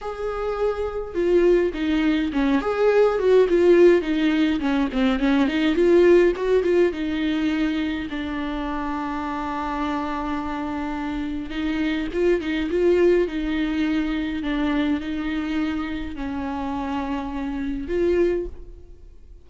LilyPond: \new Staff \with { instrumentName = "viola" } { \time 4/4 \tempo 4 = 104 gis'2 f'4 dis'4 | cis'8 gis'4 fis'8 f'4 dis'4 | cis'8 c'8 cis'8 dis'8 f'4 fis'8 f'8 | dis'2 d'2~ |
d'1 | dis'4 f'8 dis'8 f'4 dis'4~ | dis'4 d'4 dis'2 | cis'2. f'4 | }